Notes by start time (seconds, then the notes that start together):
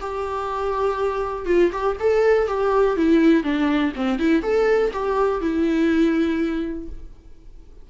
0.00 G4
1.45 F4
1.72 G4
1.99 A4
2.47 G4
2.96 E4
3.43 D4
3.95 C4
4.19 E4
4.42 A4
4.93 G4
5.41 E4